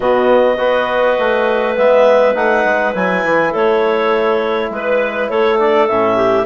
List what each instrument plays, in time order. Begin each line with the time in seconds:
0.00 bassoon B2, trombone B3, clarinet F#4 D#5
0.57 bassoon B3, trombone F#4, clarinet B4
1.19 bassoon A3
1.75 bassoon G#3, trombone B3, clarinet E5
2.34 bassoon A3, trombone D#4, clarinet F#5
2.64 bassoon G#3
2.94 bassoon F#3, trombone E4, clarinet G#5
3.24 bassoon E3
3.50 bassoon A3, clarinet A4 C#5
4.70 bassoon G#3, clarinet B4
5.28 bassoon A3, clarinet A4 C#5
5.58 trombone D4, clarinet D5
5.87 bassoon A2, trombone C#4, clarinet E5
6.15 clarinet G4